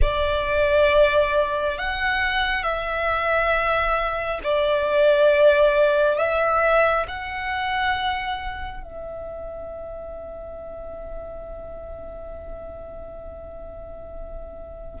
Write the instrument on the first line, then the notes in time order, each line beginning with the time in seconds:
violin
0.01 D5
1.78 F#5
2.63 E5
4.43 D5
6.18 E5
7.07 F#5
8.82 E5